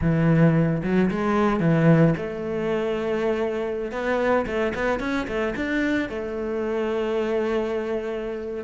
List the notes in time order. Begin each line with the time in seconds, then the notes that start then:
0.01 E3
0.83 F#3
1.10 G#3
1.60 E3
2.17 A3
3.91 B3
4.46 A3
4.74 B3
4.99 C#4
5.27 A3
5.55 D4
6.09 A3